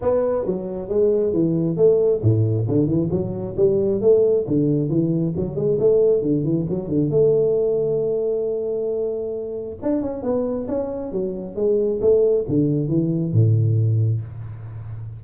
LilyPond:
\new Staff \with { instrumentName = "tuba" } { \time 4/4 \tempo 4 = 135 b4 fis4 gis4 e4 | a4 a,4 d8 e8 fis4 | g4 a4 d4 e4 | fis8 gis8 a4 d8 e8 fis8 d8 |
a1~ | a2 d'8 cis'8 b4 | cis'4 fis4 gis4 a4 | d4 e4 a,2 | }